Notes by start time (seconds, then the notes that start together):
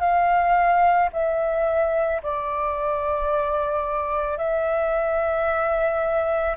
0.00 F5
1.13 E5
2.23 D5
4.38 E5